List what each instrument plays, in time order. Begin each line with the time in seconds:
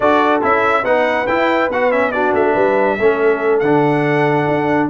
0.00 tuba D4, trombone F#4, horn A4, trumpet D5
0.41 tuba C#4, trombone E4, trumpet E5
0.83 tuba B3, trombone D#4, horn B4, trumpet F#5
1.26 tuba E4, trombone E4, trumpet G5
1.69 tuba B3, trombone F#4, trumpet F#5
1.91 trombone C#4, trumpet E5
2.11 trombone D4, horn F#4, trumpet D5
2.33 tuba A3, trumpet E5
2.52 tuba G3, horn B4
2.98 tuba A3, trombone C#4, horn A4
3.59 tuba D3, trombone D4, trumpet F#5
4.48 tuba D4